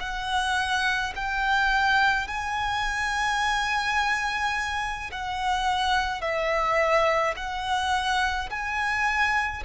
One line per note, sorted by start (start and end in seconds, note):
0.00 1.13 F#5
1.16 2.28 G5
2.28 5.11 G#5
5.12 6.22 F#5
6.22 7.35 E5
7.36 8.50 F#5
8.50 9.63 G#5